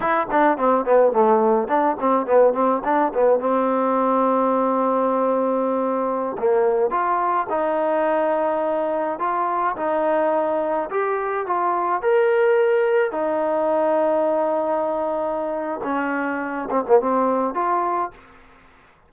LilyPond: \new Staff \with { instrumentName = "trombone" } { \time 4/4 \tempo 4 = 106 e'8 d'8 c'8 b8 a4 d'8 c'8 | b8 c'8 d'8 b8 c'2~ | c'2.~ c'16 ais8.~ | ais16 f'4 dis'2~ dis'8.~ |
dis'16 f'4 dis'2 g'8.~ | g'16 f'4 ais'2 dis'8.~ | dis'1 | cis'4. c'16 ais16 c'4 f'4 | }